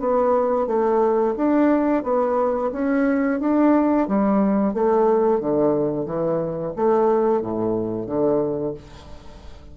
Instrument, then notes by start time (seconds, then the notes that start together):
bassoon
0.00 B3
0.67 A3
1.37 D4
2.04 B3
2.73 C#4
3.41 D4
4.08 G3
4.74 A3
5.41 D3
6.06 E3
6.77 A3
7.42 A2
8.07 D3